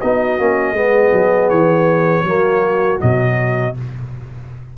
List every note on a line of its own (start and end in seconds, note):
0.00 0.39 B3
0.00 0.39 D#4
0.00 0.76 F#4
0.00 1.49 D#5
0.39 0.72 A#3
0.39 0.75 C#4
0.72 1.10 G#3
0.72 2.25 B3
0.72 2.25 G#4
1.12 1.50 F#3
1.49 2.23 E3
1.49 2.99 C#5
2.23 2.98 F#3
2.23 2.99 A#3
2.23 3.75 F#4
2.99 3.77 B2
2.99 3.74 F#3
2.99 3.75 D#5